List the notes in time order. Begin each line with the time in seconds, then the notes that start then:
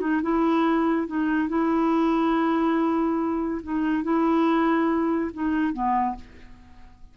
0.00 D#4
0.22 E4
1.07 D#4
1.49 E4
3.63 D#4
4.03 E4
5.33 D#4
5.73 B3